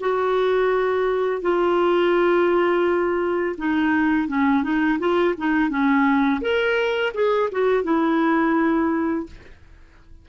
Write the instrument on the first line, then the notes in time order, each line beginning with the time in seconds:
clarinet
0.00 F#4
1.42 F4
3.58 D#4
4.28 C#4
4.63 D#4
4.99 F4
5.38 D#4
5.69 C#4
6.42 A#4
7.14 G#4
7.52 F#4
7.84 E4